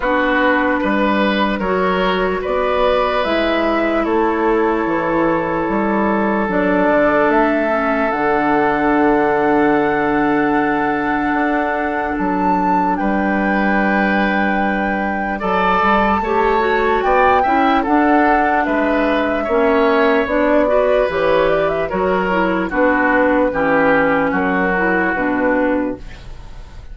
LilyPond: <<
  \new Staff \with { instrumentName = "flute" } { \time 4/4 \tempo 4 = 74 b'2 cis''4 d''4 | e''4 cis''2. | d''4 e''4 fis''2~ | fis''2. a''4 |
g''2. a''4~ | a''4 g''4 fis''4 e''4~ | e''4 d''4 cis''8 d''16 e''16 cis''4 | b'2 ais'4 b'4 | }
  \new Staff \with { instrumentName = "oboe" } { \time 4/4 fis'4 b'4 ais'4 b'4~ | b'4 a'2.~ | a'1~ | a'1 |
b'2. d''4 | cis''4 d''8 e''8 a'4 b'4 | cis''4. b'4. ais'4 | fis'4 g'4 fis'2 | }
  \new Staff \with { instrumentName = "clarinet" } { \time 4/4 d'2 fis'2 | e'1 | d'4. cis'8 d'2~ | d'1~ |
d'2. a'4 | g'8 fis'4 e'8 d'2 | cis'4 d'8 fis'8 g'4 fis'8 e'8 | d'4 cis'4. e'8 d'4 | }
  \new Staff \with { instrumentName = "bassoon" } { \time 4/4 b4 g4 fis4 b4 | gis4 a4 e4 g4 | fis8 d8 a4 d2~ | d2 d'4 fis4 |
g2. fis8 g8 | a4 b8 cis'8 d'4 gis4 | ais4 b4 e4 fis4 | b4 e4 fis4 b,4 | }
>>